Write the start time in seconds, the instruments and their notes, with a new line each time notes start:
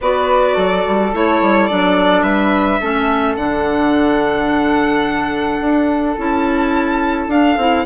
0.01 bassoon B3, clarinet F#4, flute B4, violin D5
0.54 bassoon F#3, flute A4
0.87 bassoon G3
1.13 bassoon A3, clarinet E4, violin C#5
1.41 bassoon G3
1.66 bassoon F#3, clarinet D4, violin D5
2.22 bassoon G3, flute B4, violin E5
2.80 bassoon A3, clarinet C#4, flute A4
3.35 bassoon D3, clarinet D4, violin F#5
5.60 bassoon D4
6.17 bassoon C#4, clarinet E4, violin A5
7.27 bassoon D4, clarinet D4, violin F5
7.57 bassoon C4, clarinet E4